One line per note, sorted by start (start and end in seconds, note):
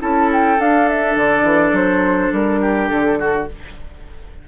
0.00 0.59 C#4
0.00 0.58 E4
0.00 2.61 A4
0.00 0.31 A5
0.33 0.61 G5
0.59 1.16 D4
0.59 3.48 D4
0.59 0.89 F5
0.89 1.18 E5
1.16 1.44 D3
1.16 1.76 D5
1.44 1.72 E3
1.73 2.30 F#3
1.73 2.34 C5
2.33 2.90 G3
2.33 2.89 A#4
2.61 3.19 G4
2.89 3.48 D3
2.89 3.47 A4
3.19 3.48 F#4